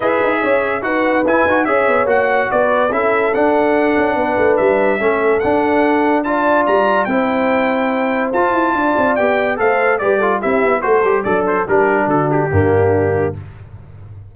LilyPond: <<
  \new Staff \with { instrumentName = "trumpet" } { \time 4/4 \tempo 4 = 144 e''2 fis''4 gis''4 | e''4 fis''4 d''4 e''4 | fis''2. e''4~ | e''4 fis''2 a''4 |
ais''4 g''2. | a''2 g''4 f''4 | d''4 e''4 c''4 d''8 c''8 | ais'4 a'8 g'2~ g'8 | }
  \new Staff \with { instrumentName = "horn" } { \time 4/4 b'4 cis''4 b'2 | cis''2 b'4 a'4~ | a'2 b'2 | a'2. d''4~ |
d''4 c''2.~ | c''4 d''2 c''4 | b'8 a'8 g'4 a'4 d'4 | g'4 fis'4 d'2 | }
  \new Staff \with { instrumentName = "trombone" } { \time 4/4 gis'2 fis'4 e'8 fis'8 | gis'4 fis'2 e'4 | d'1 | cis'4 d'2 f'4~ |
f'4 e'2. | f'2 g'4 a'4 | g'8 f'8 e'4 fis'8 g'8 a'4 | d'2 ais2 | }
  \new Staff \with { instrumentName = "tuba" } { \time 4/4 e'8 dis'8 cis'4 dis'4 e'8 dis'8 | cis'8 b8 ais4 b4 cis'4 | d'4. cis'8 b8 a8 g4 | a4 d'2. |
g4 c'2. | f'8 e'8 d'8 c'8 b4 a4 | g4 c'8 b8 a8 g8 fis4 | g4 d4 g,2 | }
>>